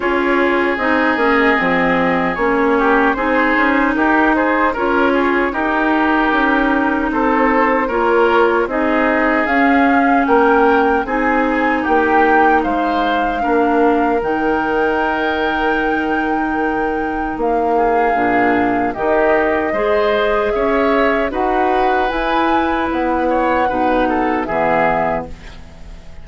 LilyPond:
<<
  \new Staff \with { instrumentName = "flute" } { \time 4/4 \tempo 4 = 76 cis''4 dis''2 cis''4 | c''4 ais'8 c''8 cis''4 ais'4~ | ais'4 c''4 cis''4 dis''4 | f''4 g''4 gis''4 g''4 |
f''2 g''2~ | g''2 f''2 | dis''2 e''4 fis''4 | gis''4 fis''2 e''4 | }
  \new Staff \with { instrumentName = "oboe" } { \time 4/4 gis'2.~ gis'8 g'8 | gis'4 g'8 gis'8 ais'8 gis'8 g'4~ | g'4 a'4 ais'4 gis'4~ | gis'4 ais'4 gis'4 g'4 |
c''4 ais'2.~ | ais'2~ ais'8 gis'4. | g'4 c''4 cis''4 b'4~ | b'4. cis''8 b'8 a'8 gis'4 | }
  \new Staff \with { instrumentName = "clarinet" } { \time 4/4 f'4 dis'8 cis'8 c'4 cis'4 | dis'2 f'4 dis'4~ | dis'2 f'4 dis'4 | cis'2 dis'2~ |
dis'4 d'4 dis'2~ | dis'2. d'4 | dis'4 gis'2 fis'4 | e'2 dis'4 b4 | }
  \new Staff \with { instrumentName = "bassoon" } { \time 4/4 cis'4 c'8 ais8 f4 ais4 | c'8 cis'8 dis'4 cis'4 dis'4 | cis'4 c'4 ais4 c'4 | cis'4 ais4 c'4 ais4 |
gis4 ais4 dis2~ | dis2 ais4 ais,4 | dis4 gis4 cis'4 dis'4 | e'4 b4 b,4 e4 | }
>>